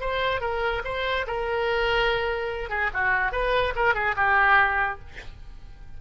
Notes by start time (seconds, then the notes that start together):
0.00 C5
0.41 A#4
0.84 C5
1.26 A#4
2.69 G#4
2.93 F#4
3.32 B4
3.75 A#4
3.94 G#4
4.16 G4